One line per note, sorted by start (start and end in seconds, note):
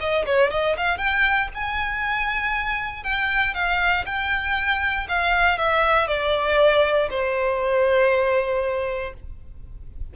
0.00 0.25 D#5
0.26 0.51 C#5
0.51 0.76 D#5
0.77 0.98 F5
0.98 1.49 G5
1.54 3.03 G#5
3.03 3.54 G5
3.54 4.05 F5
4.06 5.08 G5
5.08 5.58 F5
5.58 6.07 E5
6.07 7.09 D5
7.10 9.14 C5